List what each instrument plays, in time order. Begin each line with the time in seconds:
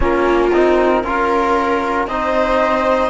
0.00 cello A#3, trombone C#4, viola F4, flute A#4
0.52 cello C4, trombone D#4
1.03 cello C#4, trombone F4, viola A#4
2.07 cello C4, trombone D#4, viola C5, flute D#5